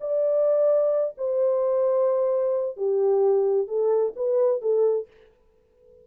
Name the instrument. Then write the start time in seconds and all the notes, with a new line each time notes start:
horn
0.00 D5
1.17 C5
2.76 G4
3.67 A4
4.16 B4
4.61 A4